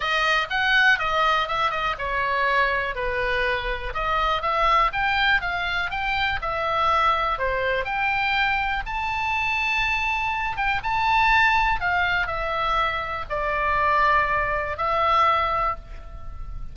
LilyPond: \new Staff \with { instrumentName = "oboe" } { \time 4/4 \tempo 4 = 122 dis''4 fis''4 dis''4 e''8 dis''8 | cis''2 b'2 | dis''4 e''4 g''4 f''4 | g''4 e''2 c''4 |
g''2 a''2~ | a''4. g''8 a''2 | f''4 e''2 d''4~ | d''2 e''2 | }